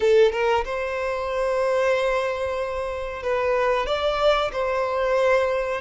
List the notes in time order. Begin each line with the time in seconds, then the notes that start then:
0.00 A4
0.32 A#4
0.65 C5
3.22 B4
3.86 D5
4.52 C5